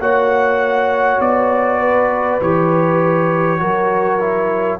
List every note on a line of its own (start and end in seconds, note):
0.00 1.20 A#3
0.00 2.41 F#4
0.00 1.80 C#5
0.00 1.21 F#5
1.20 2.40 B3
1.20 2.41 D5
1.80 3.60 B4
2.41 3.61 E3
2.41 3.60 G4
2.41 4.80 C#5
3.60 4.80 F#3
3.60 4.20 F#4
3.60 4.80 A#4
4.20 4.80 E4